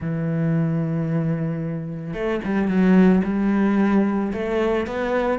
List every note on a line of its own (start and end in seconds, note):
0.00 2.13 E3
2.13 2.40 A3
2.44 2.68 G3
2.68 3.22 F#3
3.24 4.32 G3
4.32 4.86 A3
4.86 5.39 B3